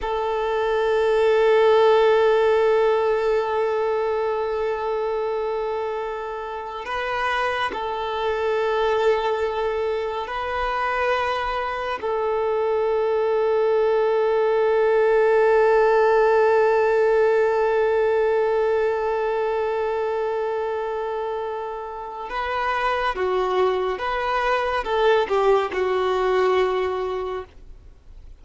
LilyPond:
\new Staff \with { instrumentName = "violin" } { \time 4/4 \tempo 4 = 70 a'1~ | a'1 | b'4 a'2. | b'2 a'2~ |
a'1~ | a'1~ | a'2 b'4 fis'4 | b'4 a'8 g'8 fis'2 | }